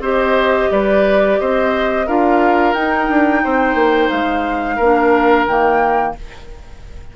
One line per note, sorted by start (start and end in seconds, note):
0.00 0.68 C4
0.00 2.08 G4
0.00 0.70 C5
0.00 0.72 D#5
0.71 1.39 G3
0.71 1.40 B4
0.71 1.40 D5
1.40 2.08 C4
1.40 2.07 C5
1.40 2.08 D#5
2.07 2.74 D4
2.07 2.76 F4
2.07 3.43 A#4
2.07 2.74 F5
2.74 3.09 D#4
2.74 4.80 D#4
2.74 4.10 G5
3.09 3.43 D4
3.44 3.75 C4
3.44 4.77 C5
3.75 4.09 A#3
4.10 4.79 G#3
4.10 5.46 F5
4.77 5.47 A#3
4.77 5.48 D4
4.77 6.13 A#4
5.47 6.15 D#3
5.47 6.17 A#3
5.47 6.16 G5